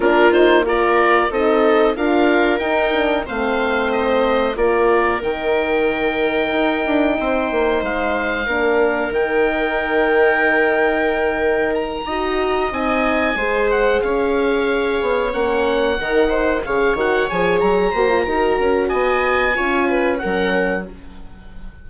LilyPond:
<<
  \new Staff \with { instrumentName = "oboe" } { \time 4/4 \tempo 4 = 92 ais'8 c''8 d''4 dis''4 f''4 | g''4 f''4 dis''4 d''4 | g''1 | f''2 g''2~ |
g''2 ais''4. gis''8~ | gis''4 fis''8 f''2 fis''8~ | fis''4. f''8 fis''8 gis''8 ais''4~ | ais''4 gis''2 fis''4 | }
  \new Staff \with { instrumentName = "viola" } { \time 4/4 f'4 ais'4 a'4 ais'4~ | ais'4 c''2 ais'4~ | ais'2. c''4~ | c''4 ais'2.~ |
ais'2~ ais'8 dis''4.~ | dis''8 c''4 cis''2~ cis''8~ | cis''8 ais'8 c''8 cis''2 c''8 | ais'4 dis''4 cis''8 b'8 ais'4 | }
  \new Staff \with { instrumentName = "horn" } { \time 4/4 d'8 dis'8 f'4 dis'4 f'4 | dis'8 d'8 c'2 f'4 | dis'1~ | dis'4 d'4 dis'2~ |
dis'2~ dis'8 fis'4 dis'8~ | dis'8 gis'2. cis'8~ | cis'8 dis'4 gis'8 fis'8 gis'4 fis'16 f'16 | fis'2 f'4 cis'4 | }
  \new Staff \with { instrumentName = "bassoon" } { \time 4/4 ais2 c'4 d'4 | dis'4 a2 ais4 | dis2 dis'8 d'8 c'8 ais8 | gis4 ais4 dis2~ |
dis2~ dis8 dis'4 c'8~ | c'8 gis4 cis'4. b8 ais8~ | ais8 dis4 cis8 dis8 f8 fis8 ais8 | dis'8 cis'8 b4 cis'4 fis4 | }
>>